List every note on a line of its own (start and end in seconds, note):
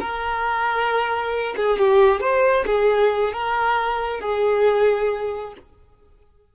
0.00 1.56 A#4
1.57 1.78 G#4
1.78 2.21 G4
2.21 2.65 C5
2.66 3.33 G#4
3.33 4.20 A#4
4.20 5.54 G#4